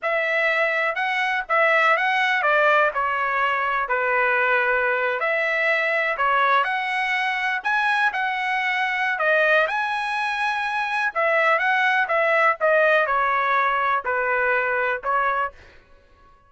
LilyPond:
\new Staff \with { instrumentName = "trumpet" } { \time 4/4 \tempo 4 = 124 e''2 fis''4 e''4 | fis''4 d''4 cis''2 | b'2~ b'8. e''4~ e''16~ | e''8. cis''4 fis''2 gis''16~ |
gis''8. fis''2~ fis''16 dis''4 | gis''2. e''4 | fis''4 e''4 dis''4 cis''4~ | cis''4 b'2 cis''4 | }